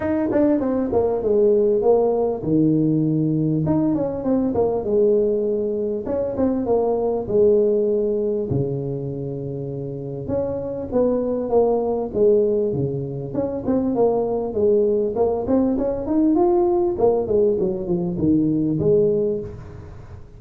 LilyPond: \new Staff \with { instrumentName = "tuba" } { \time 4/4 \tempo 4 = 99 dis'8 d'8 c'8 ais8 gis4 ais4 | dis2 dis'8 cis'8 c'8 ais8 | gis2 cis'8 c'8 ais4 | gis2 cis2~ |
cis4 cis'4 b4 ais4 | gis4 cis4 cis'8 c'8 ais4 | gis4 ais8 c'8 cis'8 dis'8 f'4 | ais8 gis8 fis8 f8 dis4 gis4 | }